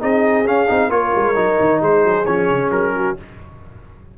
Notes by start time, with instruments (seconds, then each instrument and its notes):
0.00 tuba C4, trombone D#4, horn G#4, trumpet D#5
0.45 tuba C#4, trombone C#4, trumpet F5
0.68 tuba C4, trombone D#4
0.89 tuba A#3, trombone F4, horn A#4, trumpet C#5
1.16 tuba G#3
1.35 tuba F#3, trombone D#4
1.60 tuba D#3
1.81 tuba G#3, horn G#4, trumpet C5
2.04 tuba F#3
2.26 tuba F3, trombone C#4, trumpet C#5
2.51 tuba C#3
2.71 tuba F#3, trumpet A#4
2.96 horn F#4